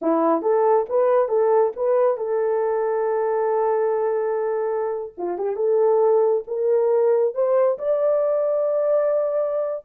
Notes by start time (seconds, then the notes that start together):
0.01 E4
0.42 A4
0.89 B4
1.28 A4
1.76 B4
2.17 A4
5.17 F4
5.37 G4
5.56 A4
6.47 A#4
7.34 C5
7.78 D5